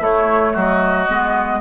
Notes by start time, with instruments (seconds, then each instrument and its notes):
0.00 bassoon A3, clarinet A3, oboe E4, flute C#5
0.53 bassoon F#3, oboe F#4, flute D#5
1.08 bassoon G#3, clarinet B3